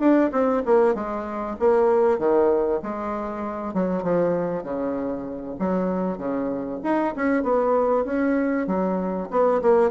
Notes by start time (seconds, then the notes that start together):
0.00 D4
0.32 C4
0.66 A#3
0.95 G#3
1.60 A#3
2.19 D#3
2.83 G#3
3.74 F#3
4.03 F3
4.64 C#3
5.60 F#3
6.18 C#3
6.84 D#4
7.16 C#4
7.43 B3
8.06 C#4
8.68 F#3
9.31 B3
9.62 A#3